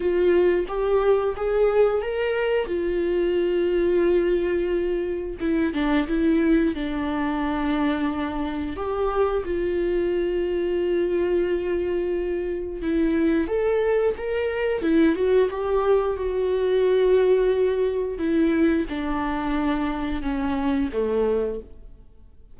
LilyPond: \new Staff \with { instrumentName = "viola" } { \time 4/4 \tempo 4 = 89 f'4 g'4 gis'4 ais'4 | f'1 | e'8 d'8 e'4 d'2~ | d'4 g'4 f'2~ |
f'2. e'4 | a'4 ais'4 e'8 fis'8 g'4 | fis'2. e'4 | d'2 cis'4 a4 | }